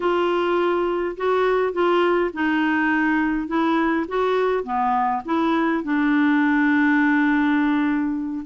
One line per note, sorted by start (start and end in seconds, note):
0.00 1.15 F4
1.16 1.72 F#4
1.72 2.31 F4
2.33 3.47 D#4
3.47 4.06 E4
4.08 4.63 F#4
4.63 5.21 B3
5.25 5.83 E4
5.83 8.45 D4